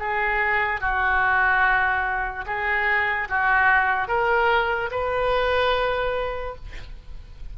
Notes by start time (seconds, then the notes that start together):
0.00 G#4
0.81 F#4
2.47 G#4
3.29 F#4
4.08 A#4
4.92 B4